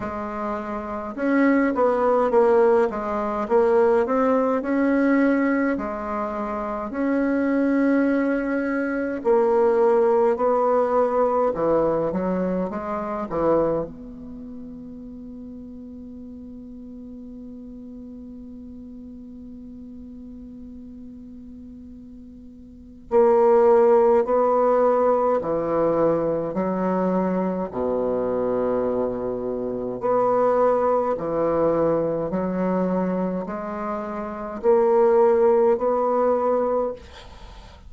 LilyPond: \new Staff \with { instrumentName = "bassoon" } { \time 4/4 \tempo 4 = 52 gis4 cis'8 b8 ais8 gis8 ais8 c'8 | cis'4 gis4 cis'2 | ais4 b4 e8 fis8 gis8 e8 | b1~ |
b1 | ais4 b4 e4 fis4 | b,2 b4 e4 | fis4 gis4 ais4 b4 | }